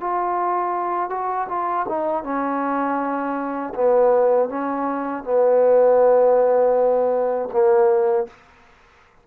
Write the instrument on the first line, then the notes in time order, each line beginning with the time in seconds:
trombone
0.00 F4
1.10 F#4
1.48 F4
1.89 D#4
2.23 C#4
3.75 B3
4.49 C#4
5.24 B3
7.52 A#3